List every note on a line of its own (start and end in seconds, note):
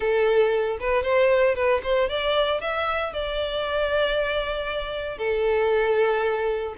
0.00 0.78 A4
0.80 1.03 B4
1.03 1.55 C5
1.55 1.81 B4
1.83 2.09 C5
2.09 2.60 D5
2.60 3.13 E5
3.13 5.18 D5
5.18 6.74 A4